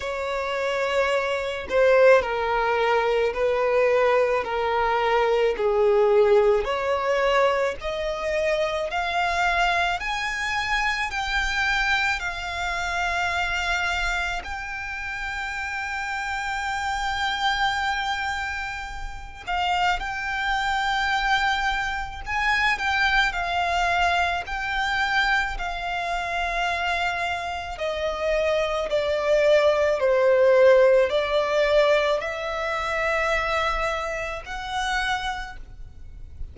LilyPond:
\new Staff \with { instrumentName = "violin" } { \time 4/4 \tempo 4 = 54 cis''4. c''8 ais'4 b'4 | ais'4 gis'4 cis''4 dis''4 | f''4 gis''4 g''4 f''4~ | f''4 g''2.~ |
g''4. f''8 g''2 | gis''8 g''8 f''4 g''4 f''4~ | f''4 dis''4 d''4 c''4 | d''4 e''2 fis''4 | }